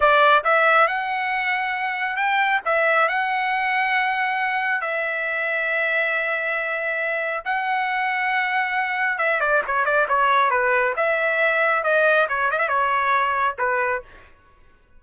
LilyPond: \new Staff \with { instrumentName = "trumpet" } { \time 4/4 \tempo 4 = 137 d''4 e''4 fis''2~ | fis''4 g''4 e''4 fis''4~ | fis''2. e''4~ | e''1~ |
e''4 fis''2.~ | fis''4 e''8 d''8 cis''8 d''8 cis''4 | b'4 e''2 dis''4 | cis''8 dis''16 e''16 cis''2 b'4 | }